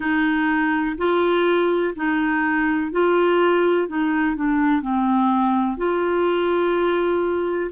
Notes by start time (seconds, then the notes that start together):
0.00 D#4
0.97 F4
1.95 D#4
2.91 F4
3.88 D#4
4.35 D4
4.81 C4
5.77 F4